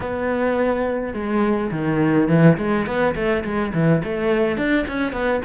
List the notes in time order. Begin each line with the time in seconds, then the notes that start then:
0.00 B3
1.13 G#3
1.71 D#3
2.28 E3
2.57 G#3
2.86 B3
3.15 A3
3.43 G#3
3.73 E3
4.04 A3
4.57 D4
4.87 C#4
5.12 B3